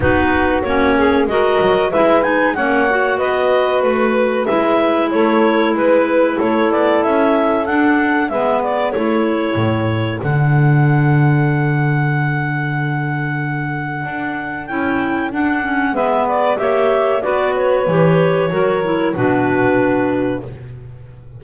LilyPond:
<<
  \new Staff \with { instrumentName = "clarinet" } { \time 4/4 \tempo 4 = 94 b'4 cis''4 dis''4 e''8 gis''8 | fis''4 dis''4 b'4 e''4 | cis''4 b'4 cis''8 d''8 e''4 | fis''4 e''8 d''8 cis''2 |
fis''1~ | fis''2. g''4 | fis''4 e''8 d''8 e''4 d''8 cis''8~ | cis''2 b'2 | }
  \new Staff \with { instrumentName = "saxophone" } { \time 4/4 fis'4. gis'8 ais'4 b'4 | cis''4 b'2. | a'4 b'4 a'2~ | a'4 b'4 a'2~ |
a'1~ | a'1~ | a'4 b'4 cis''4 b'4~ | b'4 ais'4 fis'2 | }
  \new Staff \with { instrumentName = "clarinet" } { \time 4/4 dis'4 cis'4 fis'4 e'8 dis'8 | cis'8 fis'2~ fis'8 e'4~ | e'1 | d'4 b4 e'2 |
d'1~ | d'2. e'4 | d'8 cis'8 b4 g'4 fis'4 | g'4 fis'8 e'8 d'2 | }
  \new Staff \with { instrumentName = "double bass" } { \time 4/4 b4 ais4 gis8 fis8 gis4 | ais4 b4 a4 gis4 | a4 gis4 a8 b8 cis'4 | d'4 gis4 a4 a,4 |
d1~ | d2 d'4 cis'4 | d'4 gis4 ais4 b4 | e4 fis4 b,2 | }
>>